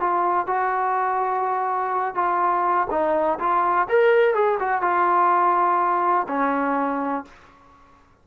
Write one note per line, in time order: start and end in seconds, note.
0.00 0.47 F4
0.47 2.15 F#4
2.15 2.87 F4
2.90 3.39 D#4
3.39 3.88 F4
3.89 4.34 A#4
4.34 4.58 G#4
4.60 4.81 F#4
4.81 6.27 F4
6.28 7.25 C#4